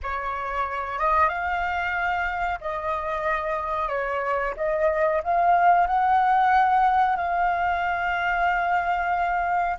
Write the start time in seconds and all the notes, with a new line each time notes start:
0.02 C#5
0.98 D#5
1.28 F5
2.60 D#5
3.88 C#5
4.57 D#5
5.23 F5
5.86 F#5
7.16 F5